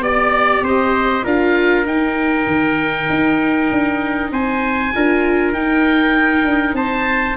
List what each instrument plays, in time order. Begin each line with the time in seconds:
0.00 tuba B3, viola G4, oboe D5, trumpet D5
0.61 tuba C4, trumpet C5, oboe D#5
1.24 tuba D4, viola F4, trumpet A#4, oboe F5
1.85 tuba D#4, viola D#4, oboe G5
2.47 tuba D#3
3.09 tuba D#4
3.71 tuba D4
4.31 tuba C4, trumpet C5, oboe G#5
4.93 tuba D4, viola F4, trumpet A#4
5.52 tuba D#4, viola D#4, oboe G5
6.44 tuba D4
6.73 tuba C4, trumpet C5, oboe A5